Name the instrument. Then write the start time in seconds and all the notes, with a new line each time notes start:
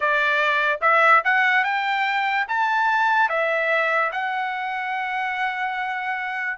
trumpet
0.00 D5
0.81 E5
1.24 F#5
1.64 G5
2.48 A5
3.29 E5
4.11 F#5